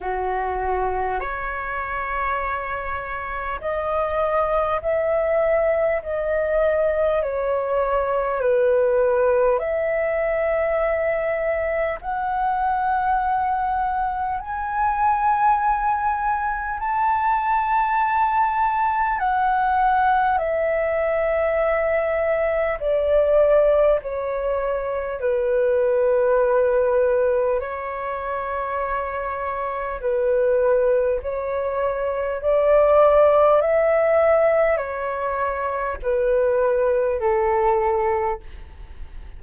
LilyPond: \new Staff \with { instrumentName = "flute" } { \time 4/4 \tempo 4 = 50 fis'4 cis''2 dis''4 | e''4 dis''4 cis''4 b'4 | e''2 fis''2 | gis''2 a''2 |
fis''4 e''2 d''4 | cis''4 b'2 cis''4~ | cis''4 b'4 cis''4 d''4 | e''4 cis''4 b'4 a'4 | }